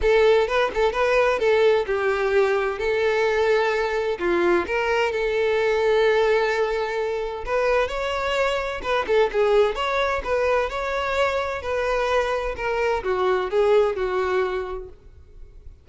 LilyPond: \new Staff \with { instrumentName = "violin" } { \time 4/4 \tempo 4 = 129 a'4 b'8 a'8 b'4 a'4 | g'2 a'2~ | a'4 f'4 ais'4 a'4~ | a'1 |
b'4 cis''2 b'8 a'8 | gis'4 cis''4 b'4 cis''4~ | cis''4 b'2 ais'4 | fis'4 gis'4 fis'2 | }